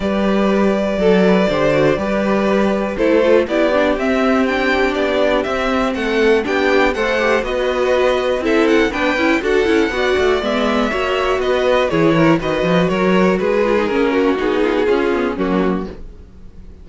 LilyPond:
<<
  \new Staff \with { instrumentName = "violin" } { \time 4/4 \tempo 4 = 121 d''1~ | d''2 c''4 d''4 | e''4 g''4 d''4 e''4 | fis''4 g''4 fis''4 dis''4~ |
dis''4 e''8 fis''8 g''4 fis''4~ | fis''4 e''2 dis''4 | cis''4 dis''4 cis''4 b'4 | ais'4 gis'2 fis'4 | }
  \new Staff \with { instrumentName = "violin" } { \time 4/4 b'2 a'8 b'8 c''4 | b'2 a'4 g'4~ | g'1 | a'4 g'4 c''4 b'4~ |
b'4 a'4 b'4 a'4 | d''2 cis''4 b'4 | gis'8 ais'8 b'4 ais'4 gis'4~ | gis'8 fis'4 f'16 fis'16 f'4 cis'4 | }
  \new Staff \with { instrumentName = "viola" } { \time 4/4 g'2 a'4 g'8 fis'8 | g'2 e'8 f'8 e'8 d'8 | c'4 d'2 c'4~ | c'4 d'4 a'8 g'8 fis'4~ |
fis'4 e'4 d'8 e'8 fis'8 e'8 | fis'4 b4 fis'2 | e'4 fis'2~ fis'8 f'16 dis'16 | cis'4 dis'4 cis'8 b8 ais4 | }
  \new Staff \with { instrumentName = "cello" } { \time 4/4 g2 fis4 d4 | g2 a4 b4 | c'2 b4 c'4 | a4 b4 a4 b4~ |
b4 c'4 b8 cis'8 d'8 cis'8 | b8 a8 gis4 ais4 b4 | e4 dis8 f8 fis4 gis4 | ais4 b4 cis'4 fis4 | }
>>